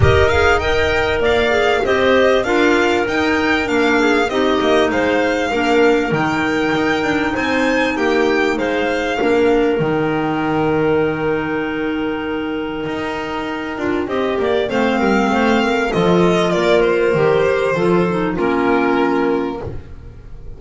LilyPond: <<
  \new Staff \with { instrumentName = "violin" } { \time 4/4 \tempo 4 = 98 dis''8 f''8 g''4 f''4 dis''4 | f''4 g''4 f''4 dis''4 | f''2 g''2 | gis''4 g''4 f''2 |
g''1~ | g''1 | f''2 dis''4 d''8 c''8~ | c''2 ais'2 | }
  \new Staff \with { instrumentName = "clarinet" } { \time 4/4 ais'4 dis''4 d''4 c''4 | ais'2~ ais'8 gis'8 g'4 | c''4 ais'2. | c''4 g'4 c''4 ais'4~ |
ais'1~ | ais'2. dis''8 d''8 | c''8 ais'8 c''8 ais'8 a'4 ais'4~ | ais'4 a'4 f'2 | }
  \new Staff \with { instrumentName = "clarinet" } { \time 4/4 g'8 gis'8 ais'4. gis'8 g'4 | f'4 dis'4 d'4 dis'4~ | dis'4 d'4 dis'2~ | dis'2. d'4 |
dis'1~ | dis'2~ dis'8 f'8 g'4 | c'2 f'2 | g'4 f'8 dis'8 cis'2 | }
  \new Staff \with { instrumentName = "double bass" } { \time 4/4 dis'2 ais4 c'4 | d'4 dis'4 ais4 c'8 ais8 | gis4 ais4 dis4 dis'8 d'8 | c'4 ais4 gis4 ais4 |
dis1~ | dis4 dis'4. d'8 c'8 ais8 | a8 g8 a4 f4 ais4 | dis4 f4 ais2 | }
>>